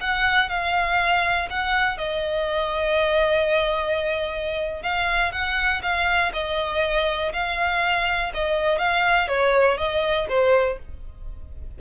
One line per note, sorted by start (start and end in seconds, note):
0.00 0.49 F#5
0.49 1.48 F5
1.50 1.98 F#5
1.98 4.82 D#5
4.82 5.32 F5
5.32 5.81 F#5
5.82 6.32 F5
6.33 7.32 D#5
7.33 8.32 F5
8.34 8.78 D#5
8.78 9.28 F5
9.28 9.77 C#5
9.78 10.27 D#5
10.29 10.78 C5